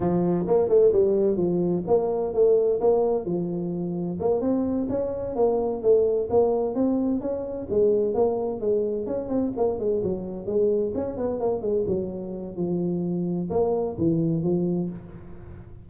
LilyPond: \new Staff \with { instrumentName = "tuba" } { \time 4/4 \tempo 4 = 129 f4 ais8 a8 g4 f4 | ais4 a4 ais4 f4~ | f4 ais8 c'4 cis'4 ais8~ | ais8 a4 ais4 c'4 cis'8~ |
cis'8 gis4 ais4 gis4 cis'8 | c'8 ais8 gis8 fis4 gis4 cis'8 | b8 ais8 gis8 fis4. f4~ | f4 ais4 e4 f4 | }